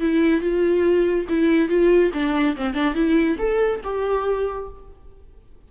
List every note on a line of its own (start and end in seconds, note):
0.00 0.40 E4
0.40 1.25 F4
1.28 1.68 E4
1.68 2.11 F4
2.13 2.56 D4
2.56 2.74 C4
2.74 2.94 D4
2.94 3.37 E4
3.38 3.80 A4
3.83 4.68 G4